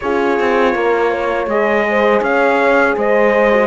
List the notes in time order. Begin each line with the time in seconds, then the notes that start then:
0.00 C#4 F4 G#4 C#5
0.39 C4
0.75 A#3 A#4
1.10 C#5
1.46 G#3 G#4 D#5
1.89 C5
2.21 C#4 C#5 F5
2.96 G#3 C5 D#5
3.52 F#4